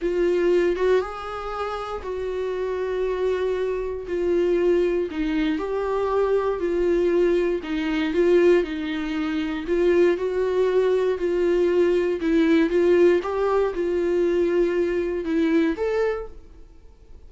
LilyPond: \new Staff \with { instrumentName = "viola" } { \time 4/4 \tempo 4 = 118 f'4. fis'8 gis'2 | fis'1 | f'2 dis'4 g'4~ | g'4 f'2 dis'4 |
f'4 dis'2 f'4 | fis'2 f'2 | e'4 f'4 g'4 f'4~ | f'2 e'4 a'4 | }